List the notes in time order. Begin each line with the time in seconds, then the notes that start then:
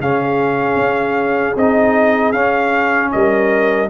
0.00 C#3 C#4 G#4 F5
0.77 C#4
1.56 C4 D#4 D#5
2.33 C#4 F5
3.12 G3 A#4 D#5